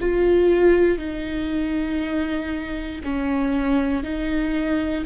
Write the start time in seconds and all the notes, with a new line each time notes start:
0.00 F4
0.98 D#4
3.03 C#4
4.03 D#4